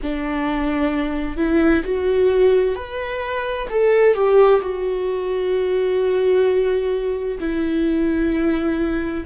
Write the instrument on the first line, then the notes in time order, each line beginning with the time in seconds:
viola
0.02 D4
1.36 E4
1.83 F#4
2.75 B4
3.70 A4
4.14 G4
4.61 F#4
7.39 E4